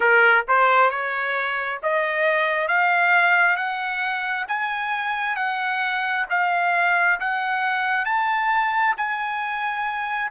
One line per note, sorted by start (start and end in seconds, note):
0.00 0.44 A#4
0.48 0.90 C5
0.90 1.80 C#5
1.82 2.67 D#5
2.67 3.56 F5
3.56 4.45 F#5
4.48 5.36 G#5
5.36 6.25 F#5
6.30 7.19 F5
7.20 8.05 F#5
8.05 8.94 A5
8.97 10.30 G#5